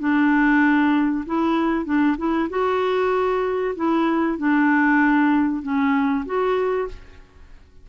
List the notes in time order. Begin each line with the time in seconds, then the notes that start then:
0.00 D4
1.26 E4
1.85 D4
2.18 E4
2.50 F#4
3.76 E4
4.38 D4
5.63 C#4
6.26 F#4